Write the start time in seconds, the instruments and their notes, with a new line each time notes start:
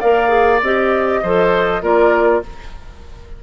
0.00 bassoon A#3, clarinet A#4, oboe D5, flute F5
0.29 clarinet G#4
0.62 bassoon C4, clarinet G4, flute D#5
1.23 bassoon F3, clarinet A4, oboe C5
1.82 bassoon A#3, clarinet F4, oboe A#4, flute D5